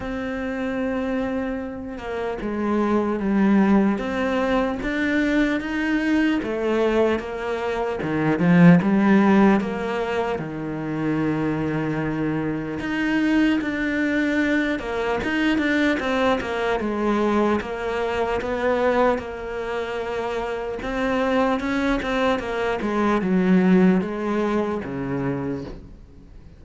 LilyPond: \new Staff \with { instrumentName = "cello" } { \time 4/4 \tempo 4 = 75 c'2~ c'8 ais8 gis4 | g4 c'4 d'4 dis'4 | a4 ais4 dis8 f8 g4 | ais4 dis2. |
dis'4 d'4. ais8 dis'8 d'8 | c'8 ais8 gis4 ais4 b4 | ais2 c'4 cis'8 c'8 | ais8 gis8 fis4 gis4 cis4 | }